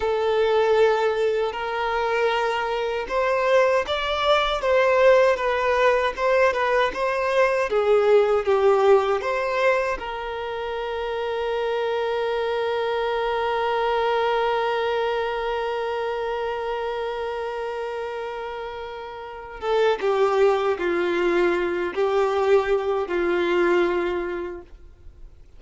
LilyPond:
\new Staff \with { instrumentName = "violin" } { \time 4/4 \tempo 4 = 78 a'2 ais'2 | c''4 d''4 c''4 b'4 | c''8 b'8 c''4 gis'4 g'4 | c''4 ais'2.~ |
ais'1~ | ais'1~ | ais'4. a'8 g'4 f'4~ | f'8 g'4. f'2 | }